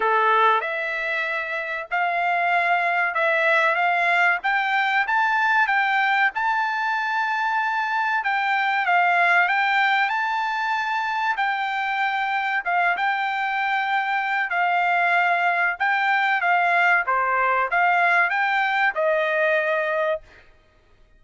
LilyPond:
\new Staff \with { instrumentName = "trumpet" } { \time 4/4 \tempo 4 = 95 a'4 e''2 f''4~ | f''4 e''4 f''4 g''4 | a''4 g''4 a''2~ | a''4 g''4 f''4 g''4 |
a''2 g''2 | f''8 g''2~ g''8 f''4~ | f''4 g''4 f''4 c''4 | f''4 g''4 dis''2 | }